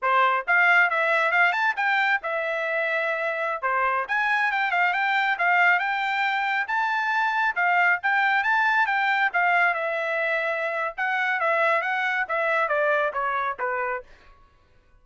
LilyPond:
\new Staff \with { instrumentName = "trumpet" } { \time 4/4 \tempo 4 = 137 c''4 f''4 e''4 f''8 a''8 | g''4 e''2.~ | e''16 c''4 gis''4 g''8 f''8 g''8.~ | g''16 f''4 g''2 a''8.~ |
a''4~ a''16 f''4 g''4 a''8.~ | a''16 g''4 f''4 e''4.~ e''16~ | e''4 fis''4 e''4 fis''4 | e''4 d''4 cis''4 b'4 | }